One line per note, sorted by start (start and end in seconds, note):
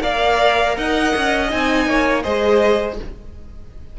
0.00 0.78 A#3
0.00 1.48 A#4
0.00 0.76 D5
0.00 0.77 F5
0.78 1.15 D#4
0.78 1.89 D#5
0.78 1.51 F#5
1.16 1.53 C#4
1.49 1.88 C4
1.49 2.23 D#4
1.49 2.23 G#5
1.88 2.25 A#3
1.88 2.24 C#5
2.23 3.00 G#3
2.23 2.98 G#4
2.23 2.98 C5
2.23 2.98 D#5